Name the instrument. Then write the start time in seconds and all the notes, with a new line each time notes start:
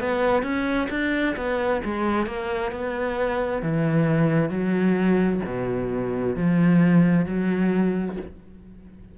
cello
0.00 B3
0.43 C#4
0.90 D4
1.36 B3
1.84 G#3
2.26 A#3
2.71 B3
3.62 E3
4.49 F#3
5.45 B2
6.36 F3
7.25 F#3